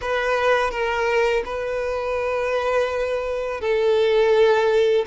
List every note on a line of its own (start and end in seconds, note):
0.01 0.70 B4
0.70 1.43 A#4
1.45 3.60 B4
3.60 5.05 A4